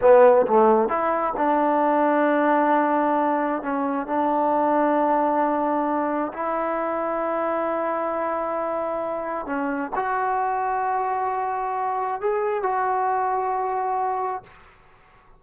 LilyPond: \new Staff \with { instrumentName = "trombone" } { \time 4/4 \tempo 4 = 133 b4 a4 e'4 d'4~ | d'1 | cis'4 d'2.~ | d'2 e'2~ |
e'1~ | e'4 cis'4 fis'2~ | fis'2. gis'4 | fis'1 | }